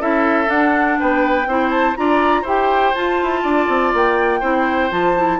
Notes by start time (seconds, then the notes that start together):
0.00 C#4 E4 A4 E5
0.46 D4 F#5
0.99 B3 B4 G5
1.46 C4 E4 C5
1.70 A5
1.96 D4 F4 D5 A#5
2.42 E4 G4 C5 G5
2.95 F4 A5
3.22 E4
3.43 D4 D5
3.68 C4
3.94 A#3 G5
4.40 C4 E4 C5
4.90 F3 F4 A5
5.17 E4